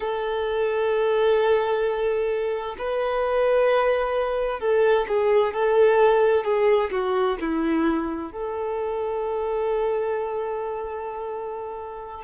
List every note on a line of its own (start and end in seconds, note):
0.00 2.76 A4
2.78 4.59 B4
4.59 5.06 A4
5.08 5.53 G#4
5.53 6.44 A4
6.44 6.90 G#4
6.91 7.37 F#4
7.40 8.32 E4
8.32 12.24 A4